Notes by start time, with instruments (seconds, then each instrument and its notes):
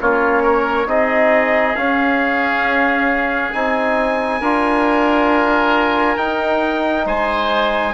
0.00 bassoon A#3, trombone C#4, oboe F4, trumpet C#5
0.43 oboe A#4
0.86 bassoon C4, trombone D#4, oboe G#4, trumpet D#5
1.76 bassoon C#4, trombone C#4, trumpet F5
3.52 bassoon C4, trombone D#4, trumpet G#5
4.40 bassoon D4, trombone F4, oboe A#4
6.17 trombone D#4, bassoon D#4, trumpet G5
7.06 bassoon G#3, oboe C5, trumpet G#5